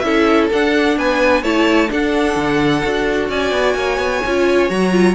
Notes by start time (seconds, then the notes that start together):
0.00 C#4 E4 A4 E5
0.53 D4 F#5
0.98 B3 B4 G#5
1.43 A3 E4 C#5 A5
1.89 D4 A4 F#5
2.36 D3
2.84 D4 F#4
3.29 C#4 D5 G#5
3.52 B3
3.75 A#3 C#5
3.98 B3
4.27 C#4 F4
4.70 F#3 F#4 A#5
4.92 F4